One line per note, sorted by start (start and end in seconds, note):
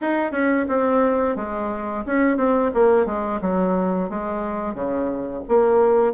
0.01 0.31 D#4
0.31 0.65 C#4
0.68 1.36 C4
1.36 2.04 G#3
2.06 2.37 C#4
2.37 2.71 C4
2.73 3.06 A#3
3.06 3.40 G#3
3.41 4.09 F#3
4.09 4.74 G#3
4.74 5.42 C#3
5.48 6.13 A#3